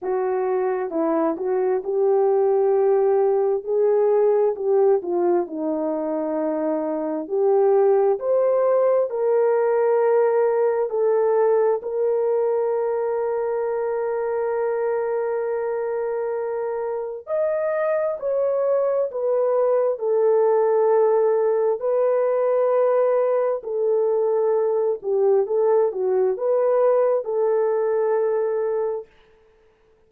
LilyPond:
\new Staff \with { instrumentName = "horn" } { \time 4/4 \tempo 4 = 66 fis'4 e'8 fis'8 g'2 | gis'4 g'8 f'8 dis'2 | g'4 c''4 ais'2 | a'4 ais'2.~ |
ais'2. dis''4 | cis''4 b'4 a'2 | b'2 a'4. g'8 | a'8 fis'8 b'4 a'2 | }